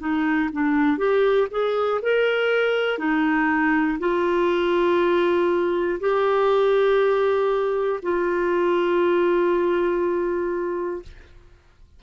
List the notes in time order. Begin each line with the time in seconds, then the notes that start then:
0.00 D#4
0.53 D4
0.98 G4
1.51 G#4
2.02 A#4
2.99 D#4
4.00 F4
6.00 G4
8.03 F4